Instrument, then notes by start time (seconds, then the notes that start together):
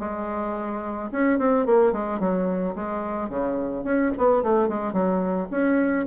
bassoon
0.00 G#3
1.12 C#4
1.40 C4
1.67 A#3
1.93 G#3
2.20 F#3
2.76 G#3
3.30 C#3
3.85 C#4
4.18 B3
4.43 A3
4.69 G#3
4.93 F#3
5.51 C#4